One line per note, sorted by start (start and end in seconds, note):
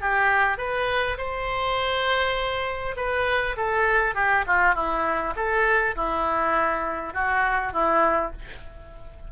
0.00 0.57 G4
0.57 1.17 B4
1.17 2.95 C5
2.96 3.56 B4
3.57 4.15 A4
4.15 4.44 G4
4.47 4.74 F4
4.74 5.34 E4
5.36 5.95 A4
5.95 7.13 E4
7.13 7.73 F#4
7.73 8.32 E4